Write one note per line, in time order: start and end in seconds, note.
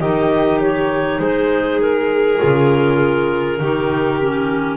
0.00 1.19 D#3
0.00 2.38 D#4
0.00 1.20 G4
0.00 0.60 D#5
0.61 1.20 C#5
1.19 2.39 G#3
1.19 3.60 G#4
1.19 1.80 C5
1.81 4.78 A#4
2.38 3.60 C#3
2.38 3.58 F4
3.60 4.78 D#3
3.60 4.21 D#4
3.60 4.78 G4
4.21 4.78 C#4